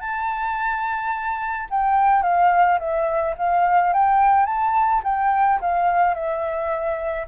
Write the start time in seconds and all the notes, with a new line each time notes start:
0.00 A5
1.70 G5
2.23 F5
2.79 E5
3.38 F5
3.93 G5
4.46 A5
5.04 G5
5.60 F5
6.15 E5